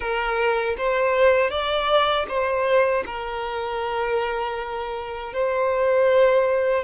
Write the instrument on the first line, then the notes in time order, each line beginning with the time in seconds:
violin
0.00 A#4
0.77 C5
1.50 D5
2.28 C5
3.06 A#4
5.33 C5